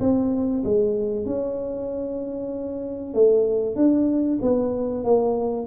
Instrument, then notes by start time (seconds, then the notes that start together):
tuba
0.00 C4
0.64 G#3
1.25 C#4
3.14 A3
3.76 D4
4.42 B3
5.04 A#3